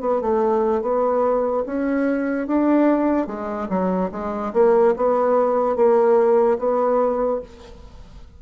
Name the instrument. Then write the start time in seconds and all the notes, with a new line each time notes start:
bassoon
0.00 B3
0.21 A3
0.81 B3
1.66 C#4
2.47 D4
3.27 G#3
3.69 F#3
4.11 G#3
4.53 A#3
4.96 B3
5.75 A#3
6.58 B3